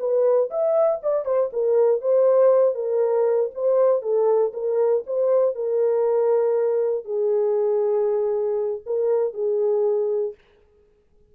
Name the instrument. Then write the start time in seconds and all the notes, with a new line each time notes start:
horn
0.00 B4
0.51 E5
1.03 D5
1.26 C5
1.53 A#4
2.02 C5
2.75 A#4
3.55 C5
4.02 A4
4.54 A#4
5.07 C5
5.56 A#4
7.05 G#4
8.86 A#4
9.34 G#4